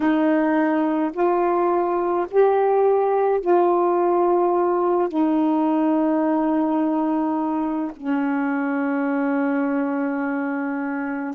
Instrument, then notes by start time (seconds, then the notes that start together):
saxophone
0.00 D#4
1.13 F4
2.31 G4
3.41 F4
5.08 D#4
7.96 C#4